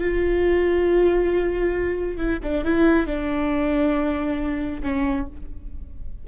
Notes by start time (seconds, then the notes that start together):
0.00 F4
2.17 E4
2.42 D4
2.64 E4
3.06 D4
4.83 C#4